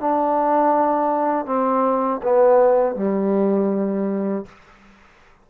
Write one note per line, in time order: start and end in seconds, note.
0.00 1.46 D4
1.46 2.21 C4
2.23 2.96 B3
2.96 4.46 G3